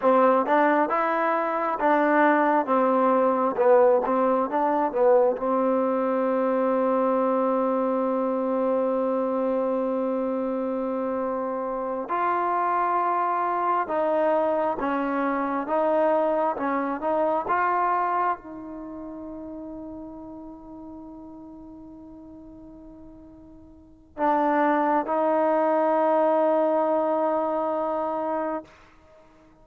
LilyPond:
\new Staff \with { instrumentName = "trombone" } { \time 4/4 \tempo 4 = 67 c'8 d'8 e'4 d'4 c'4 | b8 c'8 d'8 b8 c'2~ | c'1~ | c'4. f'2 dis'8~ |
dis'8 cis'4 dis'4 cis'8 dis'8 f'8~ | f'8 dis'2.~ dis'8~ | dis'2. d'4 | dis'1 | }